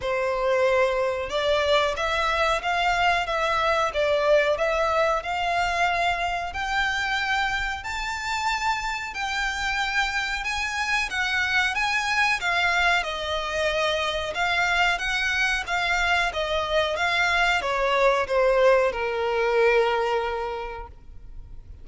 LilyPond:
\new Staff \with { instrumentName = "violin" } { \time 4/4 \tempo 4 = 92 c''2 d''4 e''4 | f''4 e''4 d''4 e''4 | f''2 g''2 | a''2 g''2 |
gis''4 fis''4 gis''4 f''4 | dis''2 f''4 fis''4 | f''4 dis''4 f''4 cis''4 | c''4 ais'2. | }